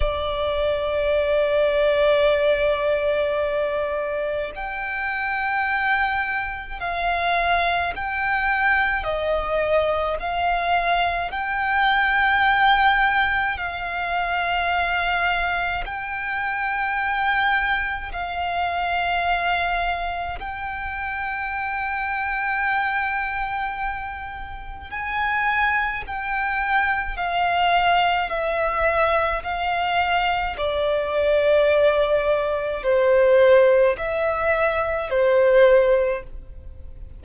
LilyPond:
\new Staff \with { instrumentName = "violin" } { \time 4/4 \tempo 4 = 53 d''1 | g''2 f''4 g''4 | dis''4 f''4 g''2 | f''2 g''2 |
f''2 g''2~ | g''2 gis''4 g''4 | f''4 e''4 f''4 d''4~ | d''4 c''4 e''4 c''4 | }